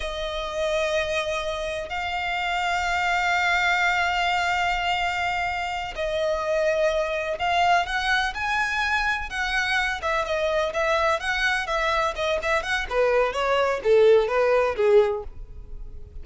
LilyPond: \new Staff \with { instrumentName = "violin" } { \time 4/4 \tempo 4 = 126 dis''1 | f''1~ | f''1~ | f''8 dis''2. f''8~ |
f''8 fis''4 gis''2 fis''8~ | fis''4 e''8 dis''4 e''4 fis''8~ | fis''8 e''4 dis''8 e''8 fis''8 b'4 | cis''4 a'4 b'4 gis'4 | }